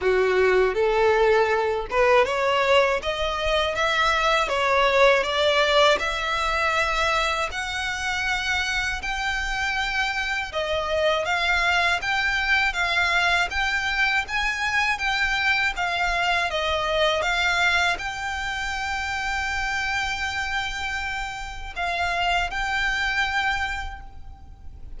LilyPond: \new Staff \with { instrumentName = "violin" } { \time 4/4 \tempo 4 = 80 fis'4 a'4. b'8 cis''4 | dis''4 e''4 cis''4 d''4 | e''2 fis''2 | g''2 dis''4 f''4 |
g''4 f''4 g''4 gis''4 | g''4 f''4 dis''4 f''4 | g''1~ | g''4 f''4 g''2 | }